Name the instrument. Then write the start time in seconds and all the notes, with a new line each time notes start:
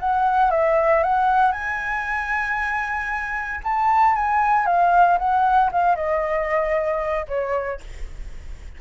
flute
0.00 F#5
0.51 E5
1.04 F#5
1.52 G#5
3.64 A5
4.16 G#5
4.66 F5
5.19 F#5
5.73 F5
5.96 D#5
7.29 C#5